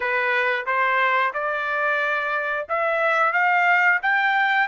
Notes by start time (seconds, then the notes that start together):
0.00 B4
0.65 C5
1.33 D5
2.68 E5
3.32 F5
4.02 G5